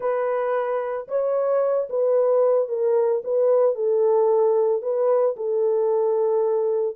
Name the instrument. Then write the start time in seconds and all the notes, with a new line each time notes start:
horn
0.00 B4
1.07 C#5
1.89 B4
2.68 A#4
3.24 B4
3.75 A4
4.82 B4
5.36 A4